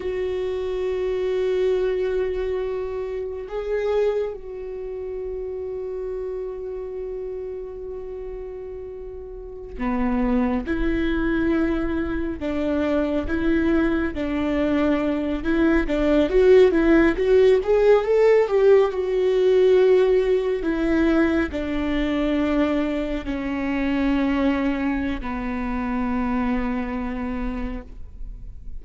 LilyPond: \new Staff \with { instrumentName = "viola" } { \time 4/4 \tempo 4 = 69 fis'1 | gis'4 fis'2.~ | fis'2.~ fis'16 b8.~ | b16 e'2 d'4 e'8.~ |
e'16 d'4. e'8 d'8 fis'8 e'8 fis'16~ | fis'16 gis'8 a'8 g'8 fis'2 e'16~ | e'8. d'2 cis'4~ cis'16~ | cis'4 b2. | }